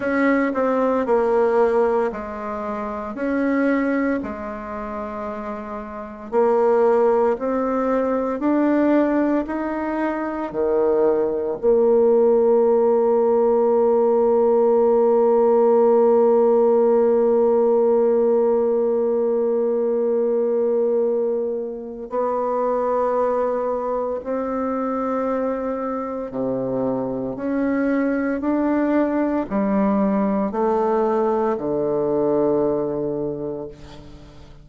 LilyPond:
\new Staff \with { instrumentName = "bassoon" } { \time 4/4 \tempo 4 = 57 cis'8 c'8 ais4 gis4 cis'4 | gis2 ais4 c'4 | d'4 dis'4 dis4 ais4~ | ais1~ |
ais1~ | ais4 b2 c'4~ | c'4 c4 cis'4 d'4 | g4 a4 d2 | }